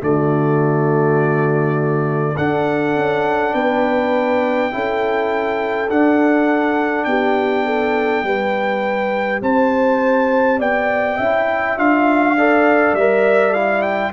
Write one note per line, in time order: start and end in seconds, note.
0.00 2.37 D3
0.00 2.35 A3
0.00 2.37 F#4
0.00 2.37 D5
2.37 4.71 D4
2.37 2.96 D4
2.37 3.54 A4
2.37 3.54 F#5
2.96 3.54 C#4
3.54 4.72 B3
3.54 4.72 B4
3.54 5.89 G5
4.71 5.89 C#4
4.71 5.89 E4
4.71 7.08 A4
5.89 7.06 D4
5.89 8.26 D4
5.89 7.04 F#5
7.04 8.24 B3
7.04 7.66 G4
7.04 9.40 G5
7.66 8.25 A4
8.24 9.41 G3
8.24 11.20 G4
8.24 9.43 B4
9.42 10.60 C4
9.42 10.59 C5
9.42 10.61 A5
10.59 11.18 B3
10.59 11.17 D5
10.59 11.78 G5
11.17 11.78 C#4
11.17 11.78 E4
11.17 12.34 E5
11.78 12.93 D4
11.78 12.37 F4
11.78 12.94 F5
12.37 12.97 A4
12.37 14.13 D5
12.93 14.11 G3
12.93 13.53 E5
12.99 13.55 A#4
13.53 14.13 E4
13.53 13.82 F5
13.82 14.12 G5